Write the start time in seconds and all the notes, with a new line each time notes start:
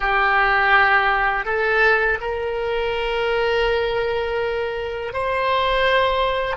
0.00 G4
1.45 A4
2.21 A#4
5.13 C5